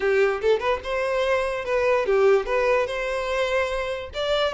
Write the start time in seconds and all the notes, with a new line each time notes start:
0.00 G4
0.41 A4
0.59 B4
0.83 C5
1.65 B4
2.05 G4
2.45 B4
2.86 C5
4.14 D5